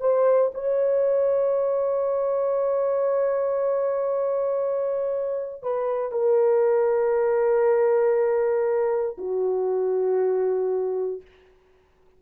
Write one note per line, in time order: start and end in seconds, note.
0.00 0.51 C5
0.54 5.62 C#5
5.63 6.12 B4
6.12 9.17 A#4
9.18 11.21 F#4